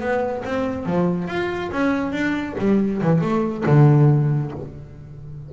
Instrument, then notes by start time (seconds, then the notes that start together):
double bass
0.00 B3
0.45 C4
0.86 F3
1.28 F4
1.72 C#4
2.12 D4
2.58 G3
3.02 E3
3.21 A3
3.66 D3